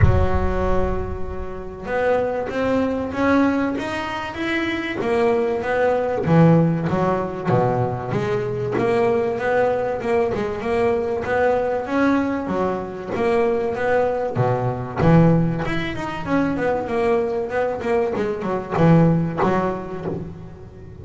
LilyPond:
\new Staff \with { instrumentName = "double bass" } { \time 4/4 \tempo 4 = 96 fis2. b4 | c'4 cis'4 dis'4 e'4 | ais4 b4 e4 fis4 | b,4 gis4 ais4 b4 |
ais8 gis8 ais4 b4 cis'4 | fis4 ais4 b4 b,4 | e4 e'8 dis'8 cis'8 b8 ais4 | b8 ais8 gis8 fis8 e4 fis4 | }